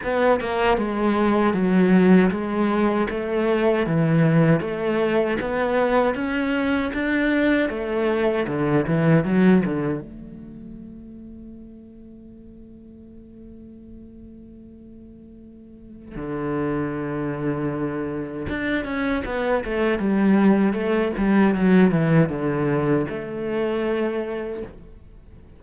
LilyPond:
\new Staff \with { instrumentName = "cello" } { \time 4/4 \tempo 4 = 78 b8 ais8 gis4 fis4 gis4 | a4 e4 a4 b4 | cis'4 d'4 a4 d8 e8 | fis8 d8 a2.~ |
a1~ | a4 d2. | d'8 cis'8 b8 a8 g4 a8 g8 | fis8 e8 d4 a2 | }